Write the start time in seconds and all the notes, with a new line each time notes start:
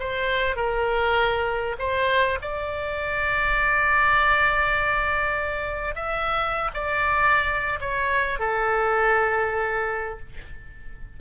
0.00 C5
0.57 A#4
1.79 C5
2.42 D5
5.96 E5
6.75 D5
7.81 C#5
8.40 A4